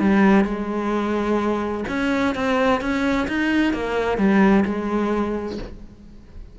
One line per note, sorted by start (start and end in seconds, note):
0.00 0.45 G3
0.45 1.84 G#3
1.89 2.35 C#4
2.35 2.81 C4
2.81 3.28 C#4
3.28 3.74 D#4
3.74 4.18 A#3
4.18 4.64 G3
4.65 5.58 G#3